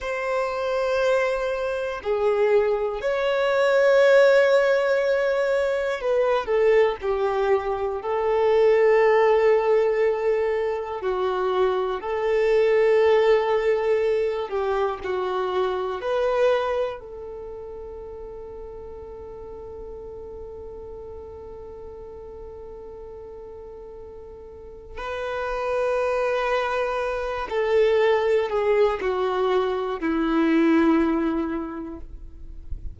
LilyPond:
\new Staff \with { instrumentName = "violin" } { \time 4/4 \tempo 4 = 60 c''2 gis'4 cis''4~ | cis''2 b'8 a'8 g'4 | a'2. fis'4 | a'2~ a'8 g'8 fis'4 |
b'4 a'2.~ | a'1~ | a'4 b'2~ b'8 a'8~ | a'8 gis'8 fis'4 e'2 | }